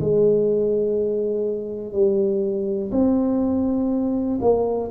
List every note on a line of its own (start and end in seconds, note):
0.00 1.92 G#3
1.92 2.91 G3
2.91 4.39 C4
4.41 4.90 A#3